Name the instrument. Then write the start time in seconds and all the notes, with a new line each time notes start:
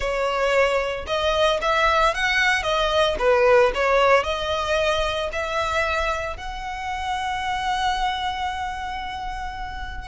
violin
0.00 C#5
1.06 D#5
1.61 E5
2.14 F#5
2.62 D#5
3.19 B4
3.74 C#5
4.23 D#5
5.32 E5
6.36 F#5